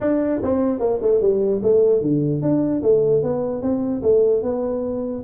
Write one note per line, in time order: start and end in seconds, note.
0.00 0.41 D4
0.42 0.79 C4
0.79 0.99 A#3
1.01 1.21 A3
1.21 1.61 G3
1.63 2.01 A3
2.01 2.41 D3
2.41 2.82 D4
2.82 3.22 A3
3.22 3.61 B3
3.61 4.02 C4
4.02 4.42 A3
4.42 5.23 B3